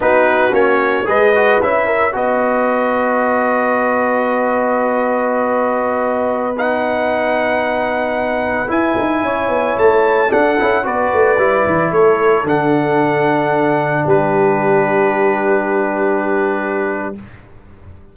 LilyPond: <<
  \new Staff \with { instrumentName = "trumpet" } { \time 4/4 \tempo 4 = 112 b'4 cis''4 dis''4 e''4 | dis''1~ | dis''1~ | dis''16 fis''2.~ fis''8.~ |
fis''16 gis''2 a''4 fis''8.~ | fis''16 d''2 cis''4 fis''8.~ | fis''2~ fis''16 b'4.~ b'16~ | b'1 | }
  \new Staff \with { instrumentName = "horn" } { \time 4/4 fis'2 b'4. ais'8 | b'1~ | b'1~ | b'1~ |
b'4~ b'16 cis''2 a'8.~ | a'16 b'2 a'4.~ a'16~ | a'2~ a'16 g'4.~ g'16~ | g'1 | }
  \new Staff \with { instrumentName = "trombone" } { \time 4/4 dis'4 cis'4 gis'8 fis'8 e'4 | fis'1~ | fis'1~ | fis'16 dis'2.~ dis'8.~ |
dis'16 e'2. d'8 e'16~ | e'16 fis'4 e'2 d'8.~ | d'1~ | d'1 | }
  \new Staff \with { instrumentName = "tuba" } { \time 4/4 b4 ais4 gis4 cis'4 | b1~ | b1~ | b1~ |
b16 e'8 dis'8 cis'8 b8 a4 d'8 cis'16~ | cis'16 b8 a8 g8 e8 a4 d8.~ | d2~ d16 g4.~ g16~ | g1 | }
>>